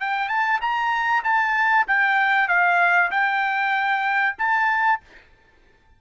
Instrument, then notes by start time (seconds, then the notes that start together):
trumpet
0.00 G5
0.28 A5
0.61 A#5
1.23 A5
1.87 G5
2.48 F5
3.11 G5
4.38 A5